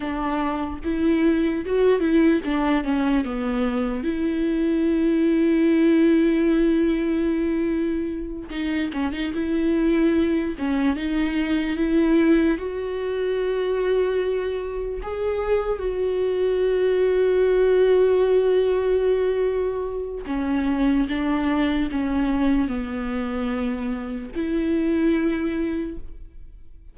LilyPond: \new Staff \with { instrumentName = "viola" } { \time 4/4 \tempo 4 = 74 d'4 e'4 fis'8 e'8 d'8 cis'8 | b4 e'2.~ | e'2~ e'8 dis'8 cis'16 dis'16 e'8~ | e'4 cis'8 dis'4 e'4 fis'8~ |
fis'2~ fis'8 gis'4 fis'8~ | fis'1~ | fis'4 cis'4 d'4 cis'4 | b2 e'2 | }